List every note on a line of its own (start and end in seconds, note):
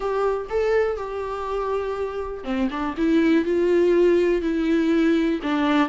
0.00 0.46 G4
0.49 0.96 A4
0.96 2.44 G4
2.44 2.68 C4
2.70 2.95 D4
2.97 3.44 E4
3.44 4.41 F4
4.41 5.40 E4
5.42 5.88 D4